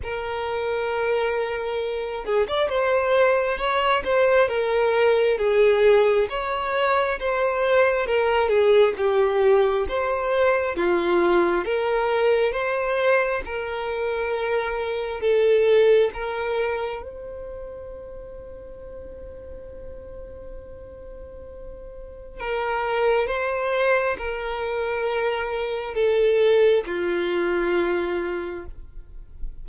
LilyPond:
\new Staff \with { instrumentName = "violin" } { \time 4/4 \tempo 4 = 67 ais'2~ ais'8 gis'16 d''16 c''4 | cis''8 c''8 ais'4 gis'4 cis''4 | c''4 ais'8 gis'8 g'4 c''4 | f'4 ais'4 c''4 ais'4~ |
ais'4 a'4 ais'4 c''4~ | c''1~ | c''4 ais'4 c''4 ais'4~ | ais'4 a'4 f'2 | }